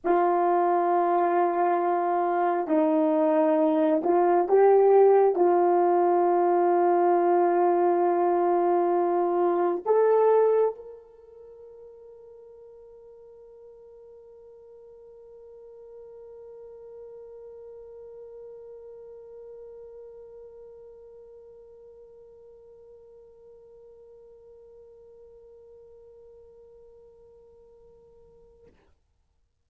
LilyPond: \new Staff \with { instrumentName = "horn" } { \time 4/4 \tempo 4 = 67 f'2. dis'4~ | dis'8 f'8 g'4 f'2~ | f'2. a'4 | ais'1~ |
ais'1~ | ais'1~ | ais'1~ | ais'1 | }